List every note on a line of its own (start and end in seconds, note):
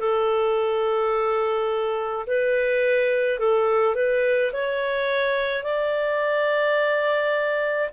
0.00 2.26 A4
2.27 3.40 B4
3.40 3.96 A4
3.96 4.52 B4
4.53 5.64 C#5
5.64 7.90 D5